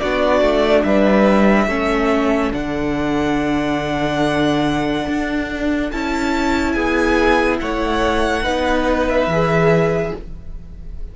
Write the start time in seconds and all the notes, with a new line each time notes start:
0.00 B3 D4 F#4 D5
0.41 A3
0.83 G3 B4 E5
1.67 A3 C#4 A4
2.52 D3 D4 F#5
5.08 D4
5.91 C#4 E4 A5
6.72 B3 G#4 G#5
7.60 A3 C#5 F#5
8.43 B3 D#4 B4
9.09 E5
9.27 E3 G#4